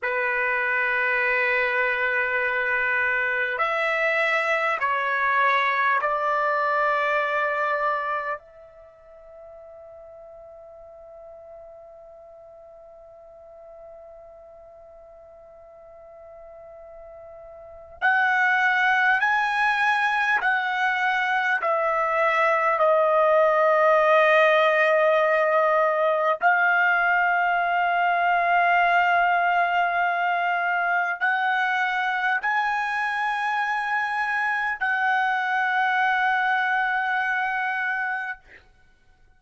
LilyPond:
\new Staff \with { instrumentName = "trumpet" } { \time 4/4 \tempo 4 = 50 b'2. e''4 | cis''4 d''2 e''4~ | e''1~ | e''2. fis''4 |
gis''4 fis''4 e''4 dis''4~ | dis''2 f''2~ | f''2 fis''4 gis''4~ | gis''4 fis''2. | }